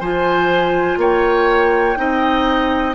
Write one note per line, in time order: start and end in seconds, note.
0.00 0.98 F3
0.00 1.96 F4
0.00 0.99 C5
0.00 0.98 G#5
0.98 1.96 A#3
0.98 1.98 C#5
0.98 2.95 G5
1.96 2.95 C4
1.96 2.95 D#4
1.96 2.95 D#5